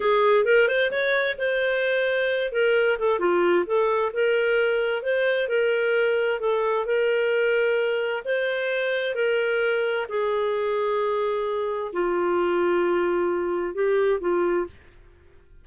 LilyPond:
\new Staff \with { instrumentName = "clarinet" } { \time 4/4 \tempo 4 = 131 gis'4 ais'8 c''8 cis''4 c''4~ | c''4. ais'4 a'8 f'4 | a'4 ais'2 c''4 | ais'2 a'4 ais'4~ |
ais'2 c''2 | ais'2 gis'2~ | gis'2 f'2~ | f'2 g'4 f'4 | }